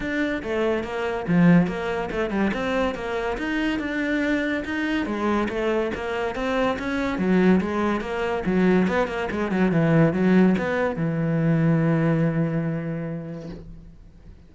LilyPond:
\new Staff \with { instrumentName = "cello" } { \time 4/4 \tempo 4 = 142 d'4 a4 ais4 f4 | ais4 a8 g8 c'4 ais4 | dis'4 d'2 dis'4 | gis4 a4 ais4 c'4 |
cis'4 fis4 gis4 ais4 | fis4 b8 ais8 gis8 fis8 e4 | fis4 b4 e2~ | e1 | }